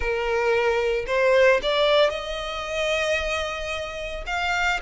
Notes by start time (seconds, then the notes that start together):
0.00 A#4
1.06 C5
1.62 D5
2.10 D#5
4.26 F5